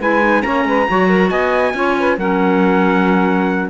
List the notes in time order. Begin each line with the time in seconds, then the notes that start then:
0.00 G#3 E4 B4 G#5
0.21 D#4
0.42 A#3 C#4 C#5 A#5
0.65 G#3 B4
0.89 F#3 F#4 C#5
1.07 A#4
1.30 B3 D#5 G#5
1.74 C#4 F4 C#5
1.99 B4
2.18 F#3 C#4 A#4 F#5